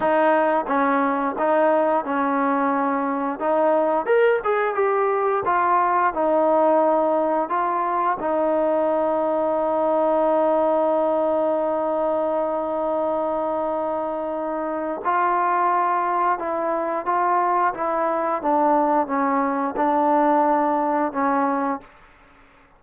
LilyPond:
\new Staff \with { instrumentName = "trombone" } { \time 4/4 \tempo 4 = 88 dis'4 cis'4 dis'4 cis'4~ | cis'4 dis'4 ais'8 gis'8 g'4 | f'4 dis'2 f'4 | dis'1~ |
dis'1~ | dis'2 f'2 | e'4 f'4 e'4 d'4 | cis'4 d'2 cis'4 | }